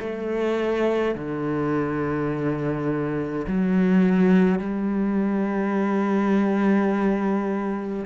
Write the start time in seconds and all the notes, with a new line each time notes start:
0.00 A3
1.15 D3
3.48 F#3
4.59 G3